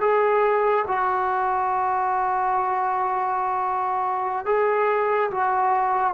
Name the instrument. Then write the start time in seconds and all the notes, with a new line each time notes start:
trombone
0.00 G#4
0.87 F#4
4.45 G#4
5.30 F#4